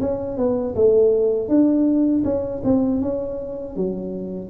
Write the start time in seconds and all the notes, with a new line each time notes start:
0.00 C#4
0.37 B3
0.75 A3
1.48 D4
2.24 C#4
2.64 C4
3.01 C#4
3.76 F#3